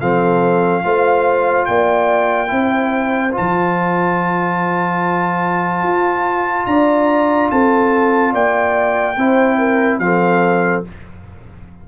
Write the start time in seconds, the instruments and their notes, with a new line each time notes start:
0.00 tuba F3, trombone C4, horn A4, trumpet F5
0.84 tuba A3, trombone F4, horn C5
1.65 tuba A#3, horn D5, trumpet G5
2.47 tuba C4, trombone E4, horn C5
3.32 trombone F4, trumpet A5
3.39 tuba F3
5.83 tuba F4
6.66 tuba D4, horn D5, trumpet A#5
7.51 tuba C4, horn A4, trumpet A5
8.33 tuba A#3, horn D5, trumpet G5
9.17 tuba C4, trombone E4, horn C5
9.58 horn A#4
9.99 tuba F3, trombone C4, horn A4, trumpet F5